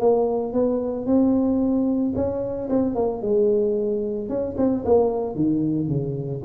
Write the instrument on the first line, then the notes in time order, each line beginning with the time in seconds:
tuba
0.00 A#3
0.54 B3
1.06 C4
2.16 C#4
2.70 C4
2.95 A#3
3.22 G#3
4.29 C#4
4.58 C4
4.85 A#3
5.36 D#3
5.88 C#3